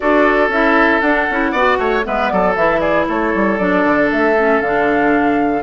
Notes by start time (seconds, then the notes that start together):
0.00 D4 F#4 A4 D5
0.48 C#4 E4 E5
1.00 D4 F#5
1.29 C#4 E4
1.51 B3 F#4 D5
1.78 A3 C#5
2.03 G#3 B3 B4 E5
2.29 F#3 A4 D5
2.55 E3 E4 E5
2.80 G#4 D5
3.07 A3 A4 C#5
3.34 G3
3.58 F#3 D4 D5
3.84 D3
4.11 A3 E5
4.37 C#4
4.60 D3 D4 F5